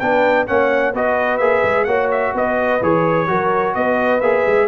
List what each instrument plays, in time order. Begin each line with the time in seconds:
0.00 tuba B3, trombone D4, horn B4, trumpet G5
0.47 tuba A#3, trombone C#4, horn C#5, trumpet F#5
0.93 tuba B3, trombone F#4, horn B4, trumpet D#5
1.38 tuba A#3, trombone G#4, trumpet E5
1.64 tuba G#3
1.85 tuba A#3, trombone F#4, horn C#5, trumpet F#5
2.12 trumpet E5
2.35 tuba B3, horn B4, trumpet D#5
2.82 tuba E3, trombone G#4, trumpet C#5
3.28 tuba F#3, trombone F#4, horn A#4
3.75 tuba B3, horn B4, trumpet D#5
4.21 tuba A#3, trombone G#4, trumpet E5
4.47 tuba G#3